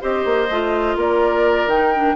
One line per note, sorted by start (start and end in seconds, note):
0.00 0.25 C4
0.00 0.48 G4
0.00 0.96 C5
0.00 0.98 D#5
0.25 0.49 A#3
0.50 0.96 A3
0.50 1.70 F4
0.96 1.66 A#3
0.96 2.15 A#4
0.96 1.69 D5
1.66 2.14 D#3
1.66 1.94 D#4
1.66 2.15 G5
1.95 2.15 D4